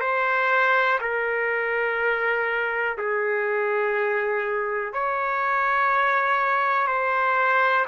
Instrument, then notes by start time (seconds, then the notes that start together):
trumpet
0.00 C5
1.01 A#4
2.97 G#4
4.93 C#5
6.87 C5